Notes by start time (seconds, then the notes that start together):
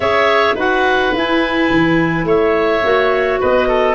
0.00 C#4 G#4 C#5 E5
0.55 D#4 F#4 B4 F#5
1.13 E4 G#5
1.70 E3
2.24 A3 C#5 E5
2.83 A#3 F#4
3.40 B3 B4 D#5
3.68 A4